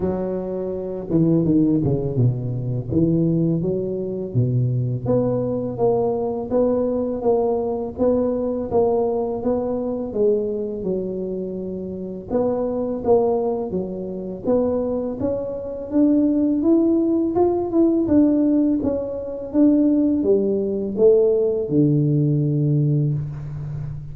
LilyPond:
\new Staff \with { instrumentName = "tuba" } { \time 4/4 \tempo 4 = 83 fis4. e8 dis8 cis8 b,4 | e4 fis4 b,4 b4 | ais4 b4 ais4 b4 | ais4 b4 gis4 fis4~ |
fis4 b4 ais4 fis4 | b4 cis'4 d'4 e'4 | f'8 e'8 d'4 cis'4 d'4 | g4 a4 d2 | }